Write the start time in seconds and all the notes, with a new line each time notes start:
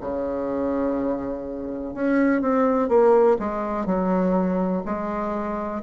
0.00 C#3
1.94 C#4
2.41 C4
2.88 A#3
3.39 G#3
3.85 F#3
4.85 G#3